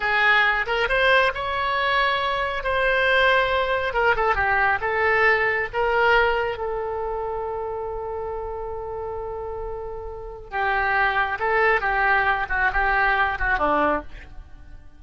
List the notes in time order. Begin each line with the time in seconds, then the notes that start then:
0.00 G#4
0.66 A#4
0.88 C5
1.34 C#5
2.63 C5
3.93 A#4
4.16 A4
4.35 G4
4.80 A4
5.73 A#4
6.57 A4
10.50 G4
11.39 A4
11.80 G4
12.49 F#4
12.72 G4
13.38 F#4
13.58 D4